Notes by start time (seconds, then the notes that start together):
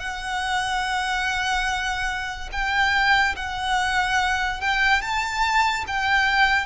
0.00 F#5
2.52 G5
3.36 F#5
4.61 G5
5.02 A5
5.88 G5